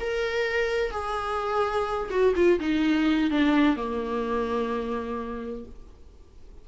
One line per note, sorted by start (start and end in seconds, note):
0.00 0.91 A#4
0.91 2.09 G#4
2.10 2.34 F#4
2.36 2.60 F4
2.60 3.30 D#4
3.30 3.76 D4
3.76 5.65 A#3